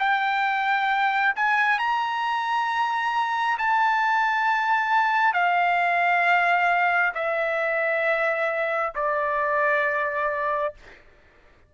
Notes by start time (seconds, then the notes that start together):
0.00 G5
1.36 G#5
1.79 A#5
3.59 A5
5.34 F5
7.15 E5
8.95 D5